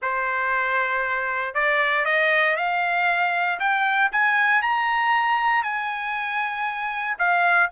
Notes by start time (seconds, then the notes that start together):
0.02 C5
1.54 D5
2.05 D#5
2.56 F5
3.59 G5
4.12 G#5
4.62 A#5
5.63 G#5
7.18 F5